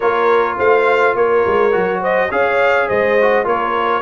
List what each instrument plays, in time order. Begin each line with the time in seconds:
0.00 tuba A#3, trombone F4, horn A#4, trumpet C#5
0.57 tuba A3, horn C5, trumpet F5
1.15 tuba A#3, horn A#4, trumpet C#5
1.47 tuba G#3
1.71 tuba F#3, trombone F#4
2.00 horn C5, trumpet D#5
2.31 tuba C#4, trombone G#4, horn C#5, trumpet F5
2.87 tuba G#3, horn C5, trumpet D#5
3.21 trombone F#4
3.44 tuba A#3, trombone F4, horn A#4, trumpet C#5